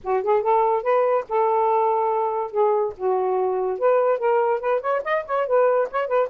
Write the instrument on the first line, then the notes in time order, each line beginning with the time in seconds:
saxophone
0.03 F#4
0.23 G#4
0.42 A4
0.82 B4
1.28 A4
2.51 G#4
2.97 F#4
3.79 B4
4.18 A#4
4.60 B4
4.81 C#5
5.04 D#5
5.25 C#5
5.46 B4
5.90 C#5
6.07 B4